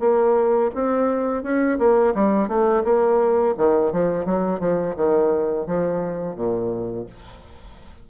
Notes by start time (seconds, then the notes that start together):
0.00 A#3
0.75 C4
1.43 C#4
1.79 A#3
2.15 G3
2.48 A3
2.84 A#3
3.58 D#3
3.93 F3
4.25 F#3
4.60 F3
4.96 D#3
5.67 F3
6.36 A#2